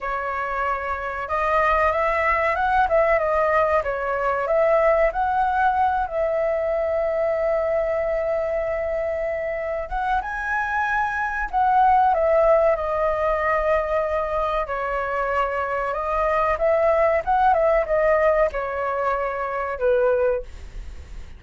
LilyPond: \new Staff \with { instrumentName = "flute" } { \time 4/4 \tempo 4 = 94 cis''2 dis''4 e''4 | fis''8 e''8 dis''4 cis''4 e''4 | fis''4. e''2~ e''8~ | e''2.~ e''8 fis''8 |
gis''2 fis''4 e''4 | dis''2. cis''4~ | cis''4 dis''4 e''4 fis''8 e''8 | dis''4 cis''2 b'4 | }